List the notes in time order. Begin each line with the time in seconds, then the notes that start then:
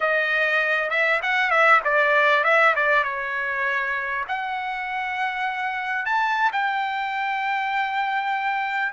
0.00 D#5
0.90 E5
1.22 F#5
1.50 E5
1.84 D5
2.44 E5
2.75 D5
3.03 C#5
4.28 F#5
6.05 A5
6.52 G5